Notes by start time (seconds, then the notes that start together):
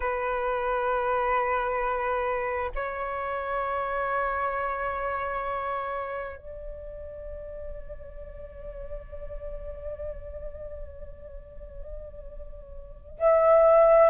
0.00 B4
2.75 C#5
6.36 D5
13.19 E5